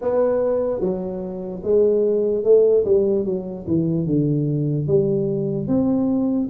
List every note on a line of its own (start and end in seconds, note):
0.01 0.80 B3
0.80 1.61 F#3
1.63 2.44 G#3
2.44 2.84 A3
2.85 3.24 G3
3.24 3.65 F#3
3.67 4.05 E3
4.05 4.86 D3
4.86 5.68 G3
5.68 6.49 C4